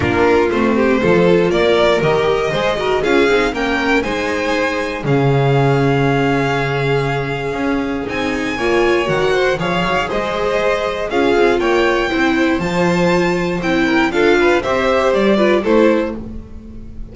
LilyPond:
<<
  \new Staff \with { instrumentName = "violin" } { \time 4/4 \tempo 4 = 119 ais'4 c''2 d''4 | dis''2 f''4 g''4 | gis''2 f''2~ | f''1 |
gis''2 fis''4 f''4 | dis''2 f''4 g''4~ | g''4 a''2 g''4 | f''4 e''4 d''4 c''4 | }
  \new Staff \with { instrumentName = "violin" } { \time 4/4 f'4. g'8 a'4 ais'4~ | ais'4 c''8 ais'8 gis'4 ais'4 | c''2 gis'2~ | gis'1~ |
gis'4 cis''4. c''8 cis''4 | c''2 gis'4 cis''4 | c''2.~ c''8 ais'8 | a'8 b'8 c''4. b'8 a'4 | }
  \new Staff \with { instrumentName = "viola" } { \time 4/4 d'4 c'4 f'2 | g'4 gis'8 fis'8 f'8 dis'8 cis'4 | dis'2 cis'2~ | cis'1 |
dis'4 f'4 fis'4 gis'4~ | gis'2 f'2 | e'4 f'2 e'4 | f'4 g'4. f'8 e'4 | }
  \new Staff \with { instrumentName = "double bass" } { \time 4/4 ais4 a4 f4 ais4 | dis4 gis4 cis'8 c'8 ais4 | gis2 cis2~ | cis2. cis'4 |
c'4 ais4 dis4 f8 fis8 | gis2 cis'8 c'8 ais4 | c'4 f2 c'4 | d'4 c'4 g4 a4 | }
>>